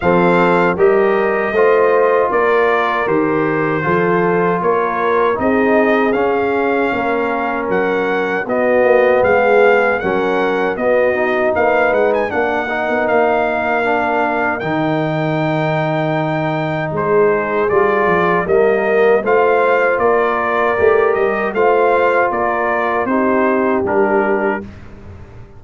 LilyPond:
<<
  \new Staff \with { instrumentName = "trumpet" } { \time 4/4 \tempo 4 = 78 f''4 dis''2 d''4 | c''2 cis''4 dis''4 | f''2 fis''4 dis''4 | f''4 fis''4 dis''4 f''8 fis''16 gis''16 |
fis''4 f''2 g''4~ | g''2 c''4 d''4 | dis''4 f''4 d''4. dis''8 | f''4 d''4 c''4 ais'4 | }
  \new Staff \with { instrumentName = "horn" } { \time 4/4 a'4 ais'4 c''4 ais'4~ | ais'4 a'4 ais'4 gis'4~ | gis'4 ais'2 fis'4 | gis'4 ais'4 fis'4 b'4 |
ais'1~ | ais'2 gis'2 | ais'4 c''4 ais'2 | c''4 ais'4 g'2 | }
  \new Staff \with { instrumentName = "trombone" } { \time 4/4 c'4 g'4 f'2 | g'4 f'2 dis'4 | cis'2. b4~ | b4 cis'4 b8 dis'4. |
d'8 dis'4. d'4 dis'4~ | dis'2. f'4 | ais4 f'2 g'4 | f'2 dis'4 d'4 | }
  \new Staff \with { instrumentName = "tuba" } { \time 4/4 f4 g4 a4 ais4 | dis4 f4 ais4 c'4 | cis'4 ais4 fis4 b8 ais8 | gis4 fis4 b4 ais8 gis8 |
ais8. b16 ais2 dis4~ | dis2 gis4 g8 f8 | g4 a4 ais4 a8 g8 | a4 ais4 c'4 g4 | }
>>